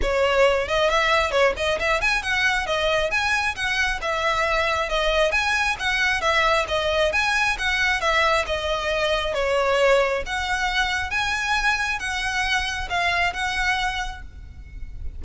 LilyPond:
\new Staff \with { instrumentName = "violin" } { \time 4/4 \tempo 4 = 135 cis''4. dis''8 e''4 cis''8 dis''8 | e''8 gis''8 fis''4 dis''4 gis''4 | fis''4 e''2 dis''4 | gis''4 fis''4 e''4 dis''4 |
gis''4 fis''4 e''4 dis''4~ | dis''4 cis''2 fis''4~ | fis''4 gis''2 fis''4~ | fis''4 f''4 fis''2 | }